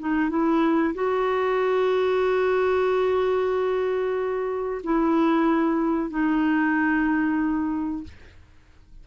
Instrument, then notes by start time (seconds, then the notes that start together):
clarinet
0.00 D#4
0.30 E4
0.95 F#4
4.84 E4
6.10 D#4